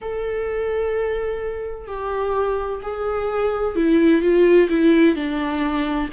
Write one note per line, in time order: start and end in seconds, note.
0.01 1.87 A4
1.87 2.81 G4
2.82 3.75 G#4
3.75 4.21 E4
4.21 4.68 F4
4.69 5.15 E4
5.15 6.09 D4